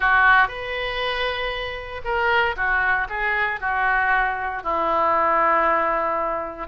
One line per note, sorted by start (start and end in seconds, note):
0.00 0.48 F#4
0.48 2.01 B4
2.04 2.55 A#4
2.56 3.07 F#4
3.09 3.60 G#4
3.60 4.63 F#4
4.63 6.67 E4